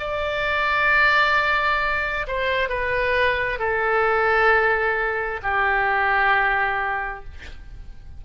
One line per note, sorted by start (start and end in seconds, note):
0.00 2.27 D5
2.28 2.69 C5
2.69 3.59 B4
3.59 5.41 A4
5.43 7.25 G4